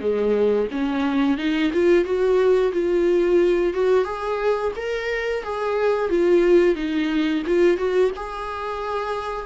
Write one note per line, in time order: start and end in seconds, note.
0.00 0.67 G#3
0.71 1.37 C#4
1.37 1.71 D#4
1.73 2.04 F4
2.04 2.72 F#4
2.72 3.73 F4
3.74 4.04 F#4
4.04 4.71 G#4
4.76 5.43 A#4
5.43 6.09 G#4
6.09 6.75 F4
6.75 7.42 D#4
7.46 7.77 F4
7.77 8.10 F#4
8.16 9.46 G#4